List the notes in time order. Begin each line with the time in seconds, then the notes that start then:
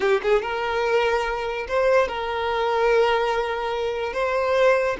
0.00 G4
0.22 G#4
0.42 A#4
1.68 C5
2.08 A#4
4.13 C5